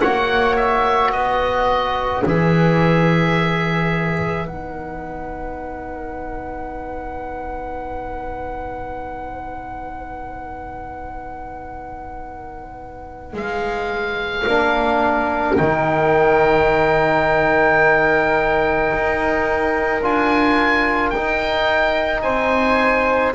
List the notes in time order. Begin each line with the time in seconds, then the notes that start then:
0.00 A#3 F#4 C#5 F#5
0.56 E5
1.11 B3 B4 D#5
2.25 E3 G#4 E5
4.45 B3 D#4 F#5
13.33 G#3 F5
14.47 A#3 D4 A#4
15.56 D#3 D#4 G5
18.93 D#4
20.02 D4 F4 G#5
21.10 D#4 G5
22.22 C4 C5 G#5